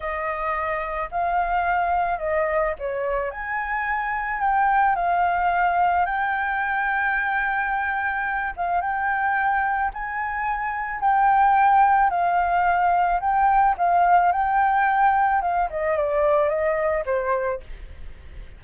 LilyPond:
\new Staff \with { instrumentName = "flute" } { \time 4/4 \tempo 4 = 109 dis''2 f''2 | dis''4 cis''4 gis''2 | g''4 f''2 g''4~ | g''2.~ g''8 f''8 |
g''2 gis''2 | g''2 f''2 | g''4 f''4 g''2 | f''8 dis''8 d''4 dis''4 c''4 | }